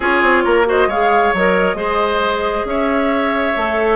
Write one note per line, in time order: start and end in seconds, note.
0.00 0.22 C#4
0.00 0.65 F4
0.00 0.43 G#4
0.00 0.67 C#5
0.22 0.44 C4
0.44 0.87 A#3
0.44 0.66 A#4
0.65 0.87 F#4
0.65 0.88 C5
0.65 0.90 D#5
0.87 1.31 G#3
0.87 1.35 G#4
0.87 1.77 C#5
0.87 1.34 F5
1.33 1.74 F#3
1.33 1.76 A#4
1.33 2.67 D#5
1.74 2.63 G#3
1.74 3.54 G#4
1.74 2.65 C5
2.64 3.53 C#4
2.64 3.96 C#5
2.64 3.96 E5
3.56 3.96 A3
3.56 3.96 A4